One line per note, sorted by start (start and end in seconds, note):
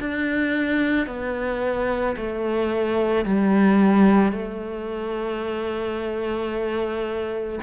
0.00 1.07 D4
1.07 2.16 B3
2.17 3.25 A3
3.25 4.32 G3
4.32 7.60 A3